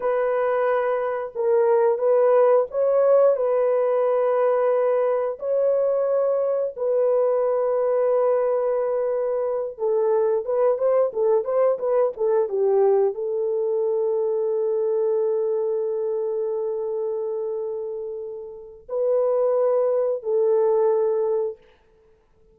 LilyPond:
\new Staff \with { instrumentName = "horn" } { \time 4/4 \tempo 4 = 89 b'2 ais'4 b'4 | cis''4 b'2. | cis''2 b'2~ | b'2~ b'8 a'4 b'8 |
c''8 a'8 c''8 b'8 a'8 g'4 a'8~ | a'1~ | a'1 | b'2 a'2 | }